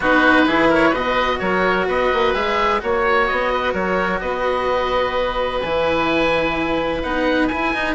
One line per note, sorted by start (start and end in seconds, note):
0.00 0.46 B3
0.00 0.46 D#4
0.00 0.46 F#4
0.00 0.73 B4
0.46 0.93 E3
0.46 0.93 E4
0.46 0.68 G#4
0.68 0.89 A#4
0.68 0.94 C#5
0.89 1.40 B2
0.89 1.36 B4
0.89 1.39 D#5
0.95 2.34 F#4
1.39 1.87 F#3
1.39 1.87 A#4
1.39 1.86 C#5
1.87 2.10 B3
1.87 2.81 B4
1.87 2.34 D#5
2.13 2.34 A#3
2.34 2.81 G#3
2.34 2.79 G#4
2.34 2.81 E5
2.79 3.29 A#3
2.79 5.60 F#4
2.79 3.53 C#5
2.79 3.26 C#5
3.26 3.73 B3
3.26 3.73 D#5
3.53 3.73 B4
3.73 4.20 F#3
3.73 4.20 A#4
3.73 4.20 C#5
4.20 5.62 B3
4.20 7.94 B4
4.20 5.60 D#5
5.60 7.03 E3
5.60 7.03 E4
5.60 7.01 G#5
7.02 7.50 B3
7.02 7.50 D#4
7.02 7.47 F#5
7.47 7.73 E4
7.47 7.74 E4
7.47 7.94 G#5
7.73 7.94 D#4